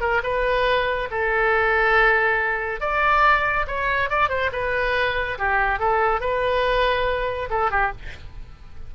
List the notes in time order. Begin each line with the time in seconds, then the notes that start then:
0.00 A#4
0.23 B4
1.11 A4
2.80 D5
3.67 C#5
4.09 D5
4.29 C5
4.52 B4
5.38 G4
5.79 A4
6.20 B4
7.50 A4
7.70 G4